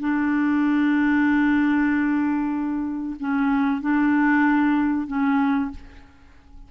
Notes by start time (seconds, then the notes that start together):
0.00 D4
3.19 C#4
3.81 D4
5.07 C#4